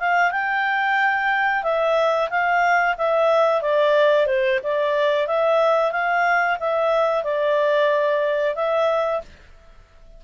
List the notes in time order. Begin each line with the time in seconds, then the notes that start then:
0.00 F5
0.32 G5
1.64 E5
2.30 F5
2.98 E5
3.62 D5
4.27 C5
4.64 D5
5.28 E5
5.92 F5
6.60 E5
7.24 D5
8.56 E5